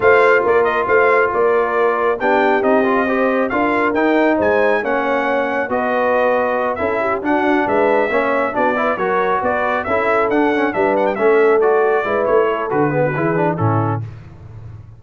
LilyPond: <<
  \new Staff \with { instrumentName = "trumpet" } { \time 4/4 \tempo 4 = 137 f''4 d''8 dis''8 f''4 d''4~ | d''4 g''4 dis''2 | f''4 g''4 gis''4 fis''4~ | fis''4 dis''2~ dis''8 e''8~ |
e''8 fis''4 e''2 d''8~ | d''8 cis''4 d''4 e''4 fis''8~ | fis''8 e''8 fis''16 g''16 e''4 d''4. | cis''4 b'2 a'4 | }
  \new Staff \with { instrumentName = "horn" } { \time 4/4 c''4 ais'4 c''4 ais'4~ | ais'4 g'2 c''4 | ais'2 c''4 cis''4~ | cis''4 b'2~ b'8 a'8 |
g'8 fis'4 b'4 cis''4 fis'8 | b'8 ais'4 b'4 a'4.~ | a'8 b'4 a'2 b'8~ | b'8 a'4 gis'16 fis'16 gis'4 e'4 | }
  \new Staff \with { instrumentName = "trombone" } { \time 4/4 f'1~ | f'4 d'4 dis'8 f'8 g'4 | f'4 dis'2 cis'4~ | cis'4 fis'2~ fis'8 e'8~ |
e'8 d'2 cis'4 d'8 | e'8 fis'2 e'4 d'8 | cis'8 d'4 cis'4 fis'4 e'8~ | e'4 fis'8 b8 e'8 d'8 cis'4 | }
  \new Staff \with { instrumentName = "tuba" } { \time 4/4 a4 ais4 a4 ais4~ | ais4 b4 c'2 | d'4 dis'4 gis4 ais4~ | ais4 b2~ b8 cis'8~ |
cis'8 d'4 gis4 ais4 b8~ | b8 fis4 b4 cis'4 d'8~ | d'8 g4 a2 gis8 | a4 d4 e4 a,4 | }
>>